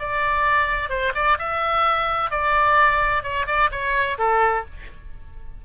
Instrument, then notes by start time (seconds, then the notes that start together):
oboe
0.00 D5
0.90 C5
1.15 D5
1.39 E5
2.31 D5
3.23 C#5
3.47 D5
3.72 C#5
4.19 A4